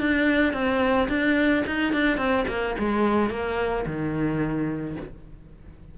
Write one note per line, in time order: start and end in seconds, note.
0.00 0.53 D4
0.53 1.08 C4
1.09 1.64 D4
1.67 1.93 D#4
1.93 2.17 D4
2.17 2.45 C4
2.48 2.75 A#3
2.79 3.30 G#3
3.30 3.85 A#3
3.86 4.96 D#3